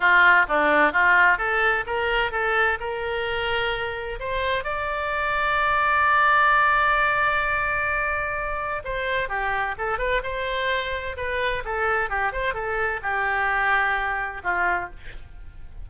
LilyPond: \new Staff \with { instrumentName = "oboe" } { \time 4/4 \tempo 4 = 129 f'4 d'4 f'4 a'4 | ais'4 a'4 ais'2~ | ais'4 c''4 d''2~ | d''1~ |
d''2. c''4 | g'4 a'8 b'8 c''2 | b'4 a'4 g'8 c''8 a'4 | g'2. f'4 | }